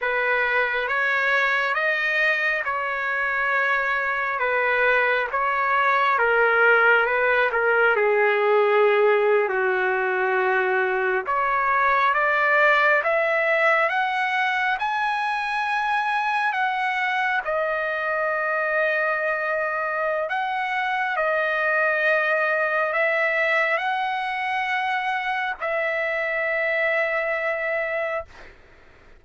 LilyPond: \new Staff \with { instrumentName = "trumpet" } { \time 4/4 \tempo 4 = 68 b'4 cis''4 dis''4 cis''4~ | cis''4 b'4 cis''4 ais'4 | b'8 ais'8 gis'4.~ gis'16 fis'4~ fis'16~ | fis'8. cis''4 d''4 e''4 fis''16~ |
fis''8. gis''2 fis''4 dis''16~ | dis''2. fis''4 | dis''2 e''4 fis''4~ | fis''4 e''2. | }